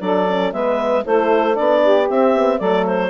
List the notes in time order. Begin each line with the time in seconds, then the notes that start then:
0.00 F#3 D4 A4 D5
0.28 C#4
0.52 G#3 B3 B4 E5
1.04 A3 E4 A4 C5
1.54 B3 D4 D5
1.81 G4
2.09 C4 E5
2.34 B3
2.58 F#3 A3 A4 D5
2.86 C5